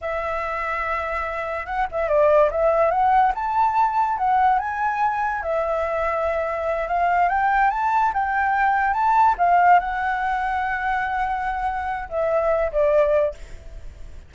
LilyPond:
\new Staff \with { instrumentName = "flute" } { \time 4/4 \tempo 4 = 144 e''1 | fis''8 e''8 d''4 e''4 fis''4 | a''2 fis''4 gis''4~ | gis''4 e''2.~ |
e''8 f''4 g''4 a''4 g''8~ | g''4. a''4 f''4 fis''8~ | fis''1~ | fis''4 e''4. d''4. | }